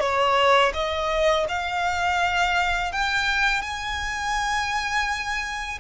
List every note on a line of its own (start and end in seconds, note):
0.00 0.72 C#5
0.74 1.46 D#5
1.49 2.92 F5
2.92 3.61 G5
3.61 5.78 G#5